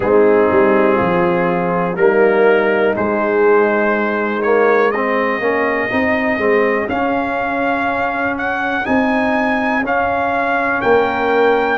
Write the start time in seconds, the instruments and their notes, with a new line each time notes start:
0.00 tuba G#3, trombone C4, horn D#4, trumpet G#4
0.51 tuba G3
0.94 tuba F3, horn F4
1.95 tuba G3, trombone A#3, horn D#4, trumpet A#4
2.94 trombone G#3, tuba G#3, trumpet C5
4.42 trombone A#3, trumpet C#5
4.91 trombone C4, horn G#4, trumpet D#5
5.40 tuba A#3, trombone C#4
5.90 tuba C4, trombone D#4
6.37 tuba G#3, trombone C4
6.88 tuba C#4, trombone C#4, trumpet F5
8.37 trumpet F#5
8.84 tuba C4, trombone D#4, trumpet G#5
9.82 tuba C#4, trombone C#4, trumpet F5
10.81 tuba A#3, horn A#4, trumpet G5